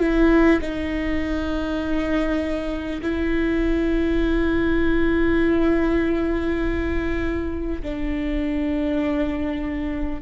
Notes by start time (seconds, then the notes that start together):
0.00 E4
0.61 D#4
3.02 E4
7.82 D4